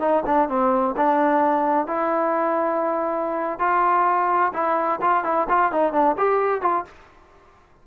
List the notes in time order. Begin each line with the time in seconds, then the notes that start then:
0.00 D#4
0.26 D4
0.49 C4
0.97 D4
1.87 E4
3.59 F4
4.53 E4
5.01 F4
5.24 E4
5.49 F4
5.72 D#4
5.93 D4
6.18 G4
6.62 F4